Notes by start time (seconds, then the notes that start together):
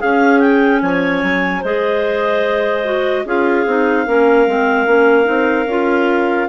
0.00 C#4 G#4 F5
0.40 G5
0.82 F3 C#5 G#5
1.23 F#3
1.61 G#3 G#4 C5 D#5
2.84 F#4
3.25 C#4 F4 G#4 F5
3.66 C4 D#4
4.06 A#3 C#4 A#4
4.47 G#3 C4
4.86 A#3 C#4
5.25 C4 D#4
5.66 C#4 F4